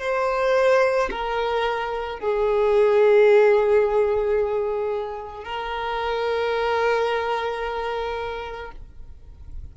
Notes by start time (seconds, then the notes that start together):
0.00 C5
1.11 A#4
2.19 G#4
5.44 A#4